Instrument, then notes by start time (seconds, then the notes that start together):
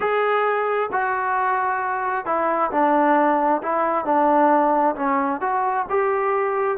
trombone
0.00 G#4
0.92 F#4
2.25 E4
2.71 D4
3.62 E4
4.05 D4
4.95 C#4
5.40 F#4
5.89 G4